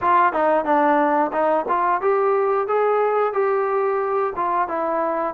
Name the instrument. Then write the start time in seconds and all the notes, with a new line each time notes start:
trombone
0.01 F4
0.32 D#4
0.64 D4
1.32 D#4
1.68 F4
2.01 G4
2.67 G#4
3.33 G4
4.35 F4
4.68 E4